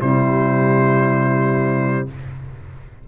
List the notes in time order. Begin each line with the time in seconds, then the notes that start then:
0.00 C3 G3 E4 C5